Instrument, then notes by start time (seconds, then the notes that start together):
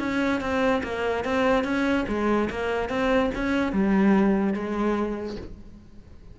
cello
0.00 C#4
0.41 C4
0.84 A#3
1.25 C4
1.64 C#4
2.08 G#3
2.50 A#3
2.90 C4
3.35 C#4
3.73 G3
4.54 G#3